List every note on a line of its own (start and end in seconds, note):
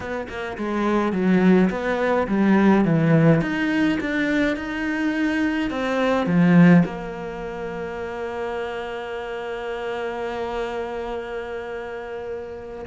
0.00 0.27 B3
0.28 0.57 A#3
0.57 1.12 G#3
1.12 1.69 F#3
1.70 2.27 B3
2.27 2.84 G3
2.84 3.41 E3
3.41 3.98 D#4
4.00 4.56 D4
4.56 5.70 D#4
5.70 6.26 C4
6.26 6.83 F3
6.85 12.85 A#3